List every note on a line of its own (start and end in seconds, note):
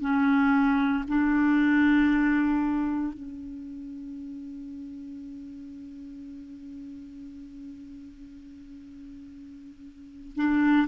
0.00 1.03 C#4
1.08 3.13 D4
3.13 10.35 C#4
10.35 10.87 D4